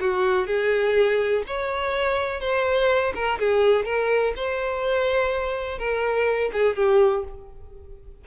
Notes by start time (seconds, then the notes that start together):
0.00 F#4
0.47 G#4
1.47 C#5
2.40 C5
3.15 A#4
3.39 G#4
3.85 A#4
4.36 C5
5.78 A#4
6.52 G#4
6.76 G4